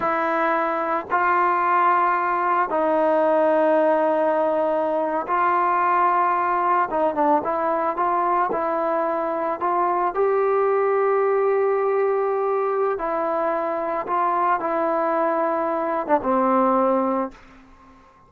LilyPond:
\new Staff \with { instrumentName = "trombone" } { \time 4/4 \tempo 4 = 111 e'2 f'2~ | f'4 dis'2.~ | dis'4.~ dis'16 f'2~ f'16~ | f'8. dis'8 d'8 e'4 f'4 e'16~ |
e'4.~ e'16 f'4 g'4~ g'16~ | g'1 | e'2 f'4 e'4~ | e'4.~ e'16 d'16 c'2 | }